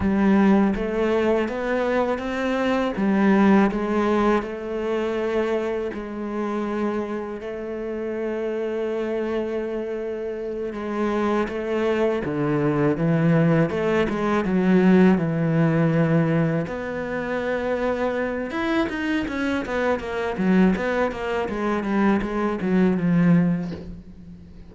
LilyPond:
\new Staff \with { instrumentName = "cello" } { \time 4/4 \tempo 4 = 81 g4 a4 b4 c'4 | g4 gis4 a2 | gis2 a2~ | a2~ a8 gis4 a8~ |
a8 d4 e4 a8 gis8 fis8~ | fis8 e2 b4.~ | b4 e'8 dis'8 cis'8 b8 ais8 fis8 | b8 ais8 gis8 g8 gis8 fis8 f4 | }